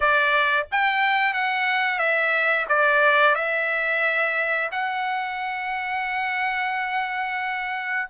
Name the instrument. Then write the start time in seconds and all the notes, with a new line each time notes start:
trumpet
0.00 D5
0.71 G5
1.33 F#5
1.98 E5
2.68 D5
3.35 E5
4.71 F#5